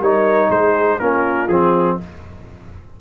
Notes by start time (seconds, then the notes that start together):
0.00 G3 D#4 A#4 C#5
0.50 G#3 G#4 C5
1.00 A#3 C#4 F4 A#4
1.48 F3 C4 G#4